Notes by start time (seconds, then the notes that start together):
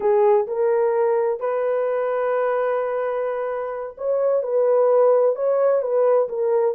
0.00 G#4
0.47 A#4
1.40 B4
3.97 C#5
4.42 B4
5.35 C#5
5.82 B4
6.28 A#4